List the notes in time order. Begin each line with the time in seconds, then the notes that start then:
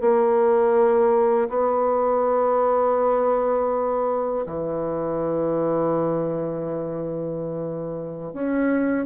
0.00 A#3
1.48 B3
4.45 E3
8.33 C#4